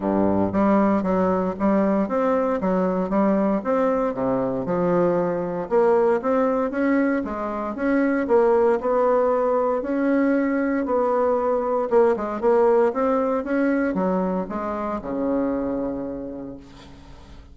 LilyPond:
\new Staff \with { instrumentName = "bassoon" } { \time 4/4 \tempo 4 = 116 g,4 g4 fis4 g4 | c'4 fis4 g4 c'4 | c4 f2 ais4 | c'4 cis'4 gis4 cis'4 |
ais4 b2 cis'4~ | cis'4 b2 ais8 gis8 | ais4 c'4 cis'4 fis4 | gis4 cis2. | }